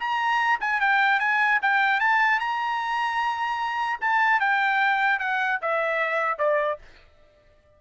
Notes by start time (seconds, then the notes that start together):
0.00 A#5
0.61 G#5
0.81 G5
1.20 G#5
1.62 G5
2.01 A5
2.40 A#5
4.01 A5
4.40 G5
5.19 F#5
5.62 E5
6.39 D5